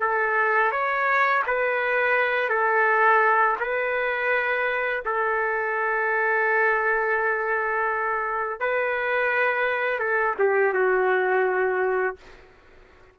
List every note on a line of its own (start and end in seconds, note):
0.00 0.71 A4
0.71 1.43 C#5
1.47 2.49 B4
2.49 3.56 A4
3.60 5.03 B4
5.05 8.60 A4
8.60 9.99 B4
9.99 10.35 A4
10.39 10.73 G4
10.73 12.16 F#4